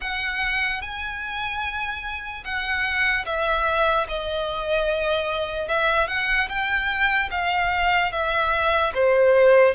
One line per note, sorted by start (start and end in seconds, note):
0.00 0.81 F#5
0.81 2.43 G#5
2.44 3.25 F#5
3.25 4.07 E5
4.08 5.68 D#5
5.68 6.07 E5
6.07 6.48 F#5
6.48 7.29 G5
7.30 8.12 F5
8.12 8.93 E5
8.94 9.74 C5